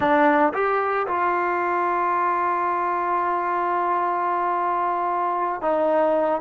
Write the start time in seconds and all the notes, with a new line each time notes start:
0.00 D4
0.53 G4
1.07 F4
5.61 D#4